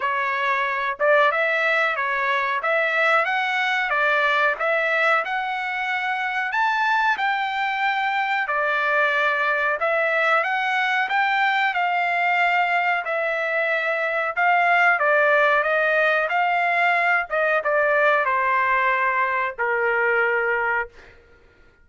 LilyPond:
\new Staff \with { instrumentName = "trumpet" } { \time 4/4 \tempo 4 = 92 cis''4. d''8 e''4 cis''4 | e''4 fis''4 d''4 e''4 | fis''2 a''4 g''4~ | g''4 d''2 e''4 |
fis''4 g''4 f''2 | e''2 f''4 d''4 | dis''4 f''4. dis''8 d''4 | c''2 ais'2 | }